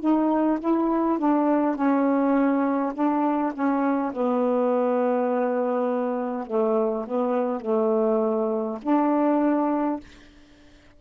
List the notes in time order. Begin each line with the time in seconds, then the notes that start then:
0.00 D#4
0.59 E4
1.19 D4
1.75 C#4
2.94 D4
3.53 C#4
4.13 B3
6.47 A3
7.07 B3
7.61 A3
8.82 D4